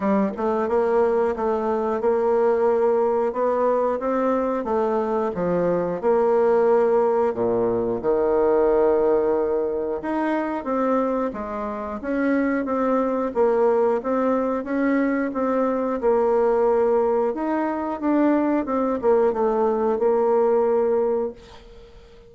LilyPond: \new Staff \with { instrumentName = "bassoon" } { \time 4/4 \tempo 4 = 90 g8 a8 ais4 a4 ais4~ | ais4 b4 c'4 a4 | f4 ais2 ais,4 | dis2. dis'4 |
c'4 gis4 cis'4 c'4 | ais4 c'4 cis'4 c'4 | ais2 dis'4 d'4 | c'8 ais8 a4 ais2 | }